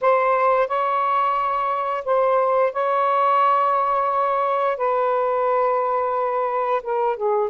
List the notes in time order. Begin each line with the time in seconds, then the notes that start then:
0.01 C5
0.67 C#5
2.04 C5
2.72 C#5
4.77 B4
6.82 A#4
7.16 G#4